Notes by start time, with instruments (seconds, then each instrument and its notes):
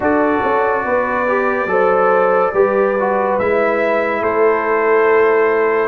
0.00 tuba D4, trombone F#4, horn A4, trumpet D5
0.43 tuba C#4
0.85 tuba B3, horn B4
1.27 trombone G4
1.66 tuba F#3, trombone A4, horn C5
2.53 tuba G3, trombone G4, horn B4
2.99 trombone F#4
3.38 tuba G#3, trombone E4, trumpet E5
4.21 tuba A3, horn A4, trumpet C5